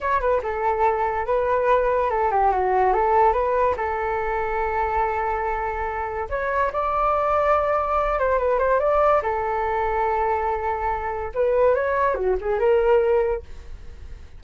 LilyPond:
\new Staff \with { instrumentName = "flute" } { \time 4/4 \tempo 4 = 143 cis''8 b'8 a'2 b'4~ | b'4 a'8 g'8 fis'4 a'4 | b'4 a'2.~ | a'2. cis''4 |
d''2.~ d''8 c''8 | b'8 c''8 d''4 a'2~ | a'2. b'4 | cis''4 fis'8 gis'8 ais'2 | }